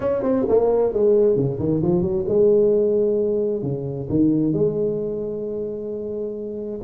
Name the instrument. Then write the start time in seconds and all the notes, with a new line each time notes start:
tuba
0.00 C#4
0.22 C4
0.49 A#3
0.93 G#3
1.36 C#3
1.59 D#3
1.82 F3
2.02 F#3
2.27 G#3
3.62 C#3
4.09 D#3
4.53 G#3